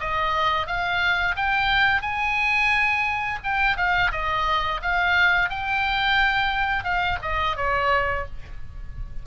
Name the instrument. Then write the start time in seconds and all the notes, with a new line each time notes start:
oboe
0.00 D#5
0.67 F5
1.36 G5
2.02 G#5
3.44 G5
3.77 F5
4.12 D#5
4.82 F5
5.50 G5
6.84 F5
7.22 D#5
7.56 C#5